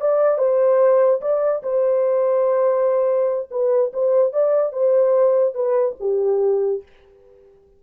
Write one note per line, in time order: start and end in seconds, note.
0.00 0.38 D5
0.38 1.21 C5
1.21 1.62 D5
1.63 3.49 C5
3.50 3.92 B4
3.93 4.32 C5
4.32 4.72 D5
4.72 5.54 C5
5.54 5.95 B4
5.99 6.82 G4